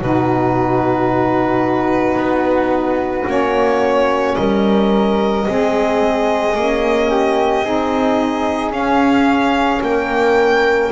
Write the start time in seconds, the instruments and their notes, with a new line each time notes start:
0.00 double bass B2, saxophone D#4, flute F#4, violin B4
2.15 double bass B3
3.26 double bass A#3, saxophone C#4, violin C#5
4.36 double bass G3, flute A#4, violin D#5
5.47 double bass G#3, saxophone C4, flute G#4
6.55 double bass A#3, saxophone C#4
7.10 flute G4
7.64 double bass C4, saxophone D#4, flute G#4
8.71 double bass C#4, saxophone C#4, violin F5
9.81 double bass A#3, flute A#4, violin G5